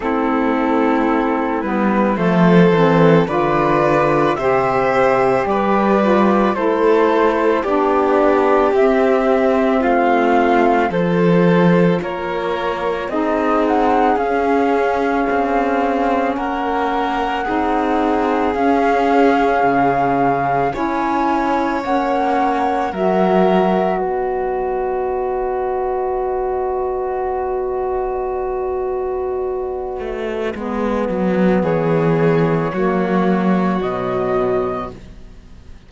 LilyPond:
<<
  \new Staff \with { instrumentName = "flute" } { \time 4/4 \tempo 4 = 55 a'4. b'8 c''4 d''4 | e''4 d''4 c''4 d''4 | e''4 f''4 c''4 cis''4 | dis''8 fis''8 f''2 fis''4~ |
fis''4 f''2 gis''4 | fis''4 e''4 dis''2~ | dis''1~ | dis''4 cis''2 dis''4 | }
  \new Staff \with { instrumentName = "violin" } { \time 4/4 e'2 a'4 b'4 | c''4 b'4 a'4 g'4~ | g'4 f'4 a'4 ais'4 | gis'2. ais'4 |
gis'2. cis''4~ | cis''4 ais'4 b'2~ | b'1~ | b'4 gis'4 fis'2 | }
  \new Staff \with { instrumentName = "saxophone" } { \time 4/4 c'4. b8 a8 c'8 f'4 | g'4. f'8 e'4 d'4 | c'2 f'2 | dis'4 cis'2. |
dis'4 cis'2 e'4 | cis'4 fis'2.~ | fis'1 | b2 ais4 fis4 | }
  \new Staff \with { instrumentName = "cello" } { \time 4/4 a4. g8 f8 e8 d4 | c4 g4 a4 b4 | c'4 a4 f4 ais4 | c'4 cis'4 c'4 ais4 |
c'4 cis'4 cis4 cis'4 | ais4 fis4 b2~ | b2.~ b8 a8 | gis8 fis8 e4 fis4 b,4 | }
>>